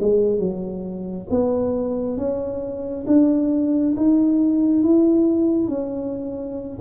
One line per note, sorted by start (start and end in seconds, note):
0.00 0.39 G#3
0.39 1.27 F#3
1.30 2.17 B3
2.17 3.06 C#4
3.07 3.95 D4
3.97 4.83 D#4
4.83 5.68 E4
5.68 6.79 C#4